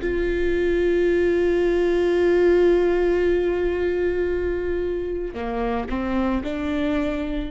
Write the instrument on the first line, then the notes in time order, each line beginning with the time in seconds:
viola
0.00 F4
5.34 A#3
5.89 C4
6.43 D4